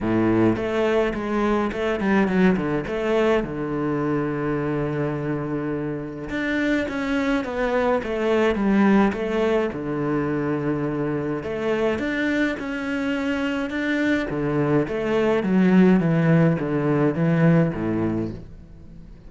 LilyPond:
\new Staff \with { instrumentName = "cello" } { \time 4/4 \tempo 4 = 105 a,4 a4 gis4 a8 g8 | fis8 d8 a4 d2~ | d2. d'4 | cis'4 b4 a4 g4 |
a4 d2. | a4 d'4 cis'2 | d'4 d4 a4 fis4 | e4 d4 e4 a,4 | }